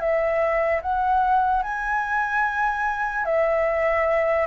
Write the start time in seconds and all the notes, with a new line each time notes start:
0.00 E5
0.82 F#5
1.63 G#5
3.25 E5